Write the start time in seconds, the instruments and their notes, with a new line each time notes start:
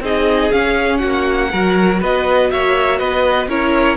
0.00 cello C4, viola D#4, violin G#4 D#5
0.52 viola C#4, cello C#4, violin F5
0.98 cello A#3, violin F#4 F#5
1.52 cello F#3, viola F#4, violin A#4
2.01 cello B3, violin B4 D#5
2.51 cello A#3, violin C#5 E5
2.98 cello B3, violin B4 D#5
3.48 cello C#4, viola E4, violin A#4 C#5